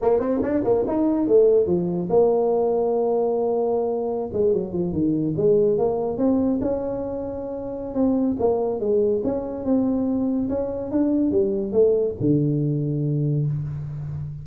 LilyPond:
\new Staff \with { instrumentName = "tuba" } { \time 4/4 \tempo 4 = 143 ais8 c'8 d'8 ais8 dis'4 a4 | f4 ais2.~ | ais2~ ais16 gis8 fis8 f8 dis16~ | dis8. gis4 ais4 c'4 cis'16~ |
cis'2. c'4 | ais4 gis4 cis'4 c'4~ | c'4 cis'4 d'4 g4 | a4 d2. | }